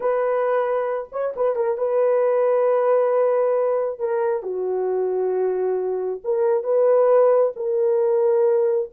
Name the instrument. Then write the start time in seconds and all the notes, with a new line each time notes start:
horn
0.00 B4
1.12 C#5
1.36 B4
1.55 A#4
1.77 B4
3.99 A#4
4.42 F#4
6.24 A#4
6.63 B4
7.56 A#4